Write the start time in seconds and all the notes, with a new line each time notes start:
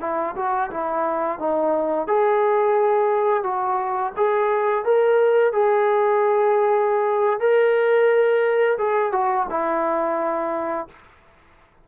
0.00 E4
0.35 F#4
0.70 E4
1.39 D#4
2.07 G#4
3.43 F#4
4.16 G#4
4.84 A#4
5.52 G#4
7.39 A#4
8.78 G#4
9.12 F#4
9.50 E4